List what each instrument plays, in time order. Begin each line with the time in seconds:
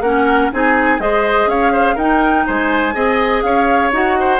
0.00 bassoon A#3, clarinet C#4, oboe A#4, flute F#5
0.51 bassoon C4, clarinet D#4, oboe G#4, flute G#5
0.99 bassoon G#3, clarinet G#4, oboe C5, flute D#5
1.46 bassoon C#4, oboe C#5, flute F5
1.72 oboe C5
1.94 bassoon D#4, clarinet D#4, oboe A#4, flute G5
2.46 bassoon G#3, oboe C5, flute G#5
2.93 bassoon C4, clarinet G#4, oboe D#5
3.41 bassoon C#4, oboe C#5, flute F5
3.91 bassoon D#4, clarinet F#4, flute F#5
4.19 oboe C5